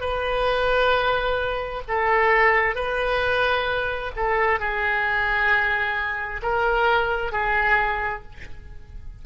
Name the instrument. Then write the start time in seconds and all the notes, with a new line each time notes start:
oboe
0.00 B4
1.88 A4
2.75 B4
4.15 A4
4.59 G#4
6.42 A#4
7.31 G#4